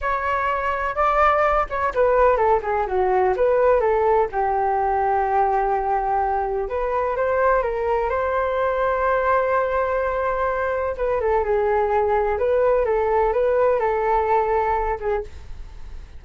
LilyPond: \new Staff \with { instrumentName = "flute" } { \time 4/4 \tempo 4 = 126 cis''2 d''4. cis''8 | b'4 a'8 gis'8 fis'4 b'4 | a'4 g'2.~ | g'2 b'4 c''4 |
ais'4 c''2.~ | c''2. b'8 a'8 | gis'2 b'4 a'4 | b'4 a'2~ a'8 gis'8 | }